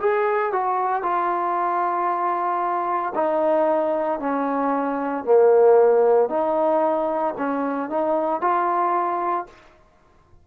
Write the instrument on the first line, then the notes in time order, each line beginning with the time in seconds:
trombone
0.00 G#4
0.53 F#4
1.03 F4
3.15 D#4
4.20 C#4
5.24 A#3
6.29 D#4
7.38 C#4
7.90 D#4
8.42 F4